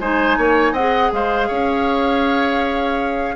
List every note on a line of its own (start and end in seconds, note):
0.00 0.38 G#3
0.00 0.77 D#4
0.00 0.38 C5
0.00 0.74 G#5
0.38 0.73 A#3
0.38 0.73 C#5
0.73 1.10 C4
0.73 3.36 G#4
0.73 1.10 D#5
0.73 1.12 F#5
1.12 1.50 G#3
1.12 1.48 C5
1.12 3.36 F5
1.48 3.36 C#4
1.48 3.36 C#5